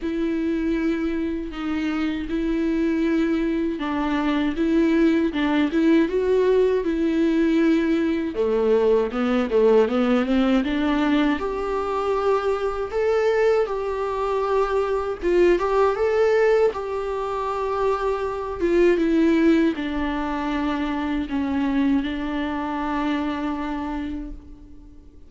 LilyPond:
\new Staff \with { instrumentName = "viola" } { \time 4/4 \tempo 4 = 79 e'2 dis'4 e'4~ | e'4 d'4 e'4 d'8 e'8 | fis'4 e'2 a4 | b8 a8 b8 c'8 d'4 g'4~ |
g'4 a'4 g'2 | f'8 g'8 a'4 g'2~ | g'8 f'8 e'4 d'2 | cis'4 d'2. | }